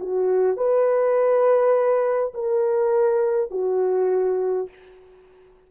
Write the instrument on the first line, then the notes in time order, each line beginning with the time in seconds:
horn
0.00 F#4
0.57 B4
2.34 A#4
3.51 F#4